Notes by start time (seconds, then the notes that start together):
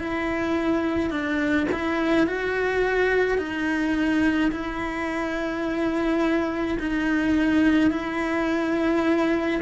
0.00 E4
1.11 D4
1.72 E4
2.27 F#4
3.39 D#4
4.52 E4
6.80 D#4
7.91 E4